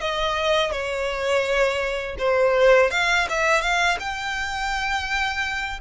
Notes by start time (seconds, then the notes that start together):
0.00 D#5
0.71 C#5
2.19 C5
2.91 F5
3.29 E5
3.61 F5
3.99 G5